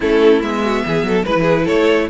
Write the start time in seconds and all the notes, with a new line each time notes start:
0.00 A3 C#4 E4 A4
0.42 G#3 B3 E5
0.64 F#4
0.86 E3 G#4
1.03 F#3 A4
1.25 G#3 E4 B4
1.35 E3
1.41 G#4
1.64 A3 A4 C#5